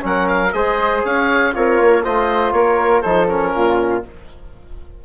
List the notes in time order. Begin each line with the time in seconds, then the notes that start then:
0.00 F#3 C#4 A#4 F#5
0.28 F5
0.52 G#3 G#4 C5 D#5
1.04 C#4 C#5 F5
1.53 C4 F4 A#4 C#5
1.80 A#3
2.03 A3 F4 C5 D#5
2.52 A#3 A#4 C#5
3.01 F3 D#4 A4 C5
3.27 C#4 A#4
3.54 A#2 F4